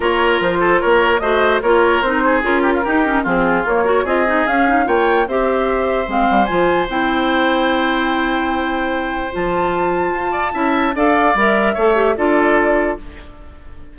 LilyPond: <<
  \new Staff \with { instrumentName = "flute" } { \time 4/4 \tempo 4 = 148 cis''4 c''4 cis''4 dis''4 | cis''4 c''4 ais'2 | gis'4 cis''4 dis''4 f''4 | g''4 e''2 f''4 |
gis''4 g''2.~ | g''2. a''4~ | a''2. f''4 | e''2 d''2 | }
  \new Staff \with { instrumentName = "oboe" } { \time 4/4 ais'4. a'8 ais'4 c''4 | ais'4. gis'4 g'16 f'16 g'4 | f'4. ais'8 gis'2 | cis''4 c''2.~ |
c''1~ | c''1~ | c''4. d''8 e''4 d''4~ | d''4 cis''4 a'2 | }
  \new Staff \with { instrumentName = "clarinet" } { \time 4/4 f'2. fis'4 | f'4 dis'4 f'4 dis'8 cis'8 | c'4 ais8 fis'8 f'8 dis'8 cis'8 dis'8 | f'4 g'2 c'4 |
f'4 e'2.~ | e'2. f'4~ | f'2 e'4 a'4 | ais'4 a'8 g'8 f'2 | }
  \new Staff \with { instrumentName = "bassoon" } { \time 4/4 ais4 f4 ais4 a4 | ais4 c'4 cis'4 dis'4 | f4 ais4 c'4 cis'4 | ais4 c'2 gis8 g8 |
f4 c'2.~ | c'2. f4~ | f4 f'4 cis'4 d'4 | g4 a4 d'2 | }
>>